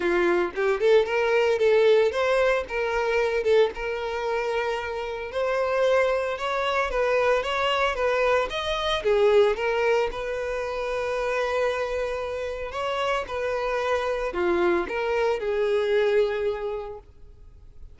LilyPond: \new Staff \with { instrumentName = "violin" } { \time 4/4 \tempo 4 = 113 f'4 g'8 a'8 ais'4 a'4 | c''4 ais'4. a'8 ais'4~ | ais'2 c''2 | cis''4 b'4 cis''4 b'4 |
dis''4 gis'4 ais'4 b'4~ | b'1 | cis''4 b'2 f'4 | ais'4 gis'2. | }